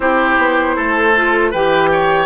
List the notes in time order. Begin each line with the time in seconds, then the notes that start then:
0.00 C4 E4 G4 C5
0.38 B3
0.76 A3 A4
1.15 F4
1.50 E3 G4 B4 G5
1.91 C#5